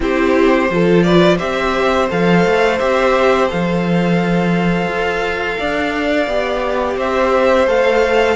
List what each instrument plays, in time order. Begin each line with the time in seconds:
0.00 cello C4, viola E4, violin G4 C5
0.69 cello F3, viola F4, violin A4
1.02 violin B4 D5
1.37 cello C4, viola G4, violin C5 E5
2.10 cello F3, viola A4, violin F5
2.45 cello A3
2.78 cello C4, viola G4, violin E5
3.48 cello F3, viola A4, violin F5
4.87 cello F4
5.58 cello D4, violin D5
6.26 cello B3, viola G4
6.97 cello C4, violin C5 E5
7.66 cello A3, viola A4, violin F5